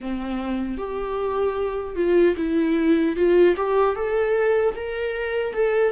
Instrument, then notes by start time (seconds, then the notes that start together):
viola
0.00 C4
0.77 G4
1.95 F4
2.36 E4
3.16 F4
3.56 G4
3.95 A4
4.75 A#4
5.53 A4